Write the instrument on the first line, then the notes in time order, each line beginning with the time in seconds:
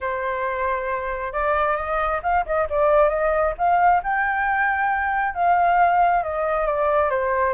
flute
0.00 C5
1.32 D5
1.76 D#5
2.22 F5
2.45 D#5
2.69 D5
3.09 D#5
3.58 F5
4.03 G5
5.34 F5
6.23 D#5
6.66 D5
7.10 C5